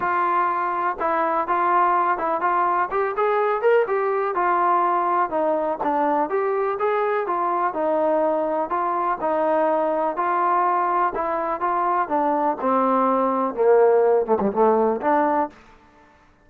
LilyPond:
\new Staff \with { instrumentName = "trombone" } { \time 4/4 \tempo 4 = 124 f'2 e'4 f'4~ | f'8 e'8 f'4 g'8 gis'4 ais'8 | g'4 f'2 dis'4 | d'4 g'4 gis'4 f'4 |
dis'2 f'4 dis'4~ | dis'4 f'2 e'4 | f'4 d'4 c'2 | ais4. a16 g16 a4 d'4 | }